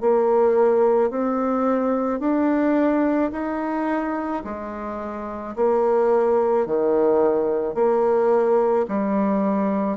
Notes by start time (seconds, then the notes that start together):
0.00 A#3
1.10 C4
2.20 D4
3.31 D#4
4.44 G#3
5.56 A#3
6.66 D#3
7.74 A#3
8.88 G3